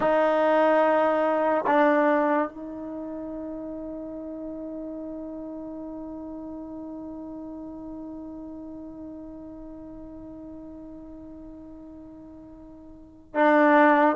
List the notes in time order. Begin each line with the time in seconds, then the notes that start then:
0.00 D#4
1.66 D4
2.48 D#4
13.34 D4